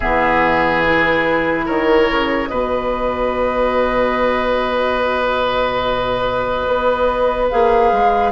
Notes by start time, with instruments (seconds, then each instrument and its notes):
0.00 bassoon E3, clarinet B3, oboe G#4, flute E5
0.84 clarinet E4, flute B4
1.65 bassoon D#3, oboe A#4, flute C#5
2.11 bassoon C#3
2.47 bassoon B2, clarinet F#4, oboe B4, flute D#5
6.67 bassoon B3
7.49 bassoon A#3, clarinet G#4, flute F5
7.91 bassoon G#3